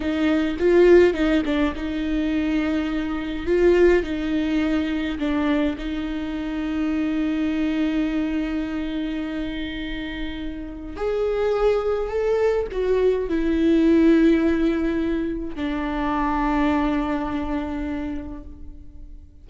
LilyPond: \new Staff \with { instrumentName = "viola" } { \time 4/4 \tempo 4 = 104 dis'4 f'4 dis'8 d'8 dis'4~ | dis'2 f'4 dis'4~ | dis'4 d'4 dis'2~ | dis'1~ |
dis'2. gis'4~ | gis'4 a'4 fis'4 e'4~ | e'2. d'4~ | d'1 | }